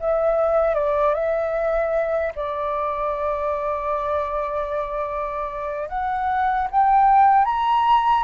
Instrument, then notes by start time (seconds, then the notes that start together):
flute
0.00 E5
0.75 D5
1.14 E5
2.35 D5
5.89 F#5
6.71 G5
7.45 A#5